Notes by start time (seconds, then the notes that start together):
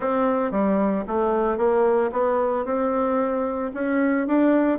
0.00 C4
0.51 G3
1.07 A3
1.57 A#3
2.12 B3
2.65 C4
3.74 C#4
4.27 D4